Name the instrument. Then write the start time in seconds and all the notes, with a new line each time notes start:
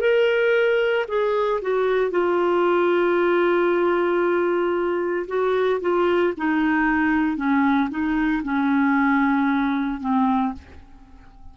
clarinet
0.00 A#4
1.08 G#4
1.61 F#4
2.11 F4
5.27 F#4
5.81 F4
6.37 D#4
7.36 C#4
7.89 D#4
8.44 C#4
10.00 C4